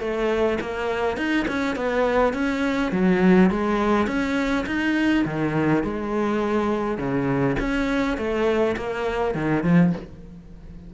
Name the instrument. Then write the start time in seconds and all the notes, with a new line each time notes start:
cello
0.00 A3
0.61 A#3
1.17 D#4
1.48 C#4
1.76 B3
2.33 C#4
2.92 F#3
3.50 G#3
4.07 C#4
4.66 D#4
5.25 D#3
5.84 G#3
6.98 C#3
7.59 C#4
8.17 A3
8.77 A#3
9.35 D#3
9.63 F3